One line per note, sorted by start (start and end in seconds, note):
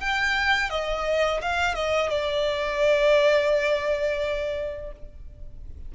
0.00 0.70 G5
0.70 1.41 D#5
1.41 1.75 F5
1.75 2.10 D#5
2.10 4.92 D5